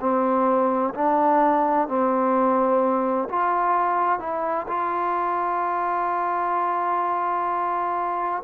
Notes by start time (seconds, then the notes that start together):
0.00 C4
0.95 D4
1.88 C4
3.29 F4
4.19 E4
4.67 F4